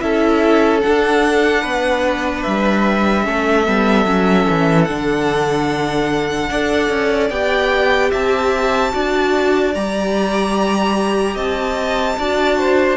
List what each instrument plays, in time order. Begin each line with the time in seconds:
0.00 cello C#4, viola E4, violin A4 E5
0.81 viola D4, cello D4, violin F#5
1.61 cello B3, violin B4
2.43 cello G3, violin E5
3.23 cello A3, viola C#4, violin A4
3.67 cello G3, viola B3
4.05 cello F#3, viola C#4
4.50 cello E3
4.84 cello D3, viola D4, violin F#5
6.50 cello D4, viola A4, violin D5
6.90 cello C#4
7.30 cello B3, viola G4, violin G5
8.10 cello C4, violin E5 A5
8.91 cello D4, viola F#4, violin D5
9.74 cello G3, viola G4, violin A#5
11.34 cello C4, violin D#5 A5
12.19 cello D4, viola F#4, violin D5
12.58 violin C5